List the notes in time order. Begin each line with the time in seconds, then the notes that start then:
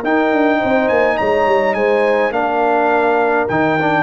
0.00 D#4 A#4 G5
0.32 D4
0.58 C4 C5
0.88 A#3 G#5
1.18 G#3 C#5 A#5
1.47 G3
1.74 G#3 C5 G#5
2.31 A#3 D4 A#4 F5
3.48 D#3 D#4 G5
3.81 D4